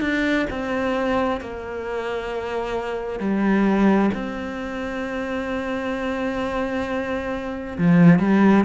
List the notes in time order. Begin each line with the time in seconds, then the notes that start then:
0.00 D4
0.50 C4
1.40 A#3
3.19 G3
4.14 C4
7.78 F3
8.19 G3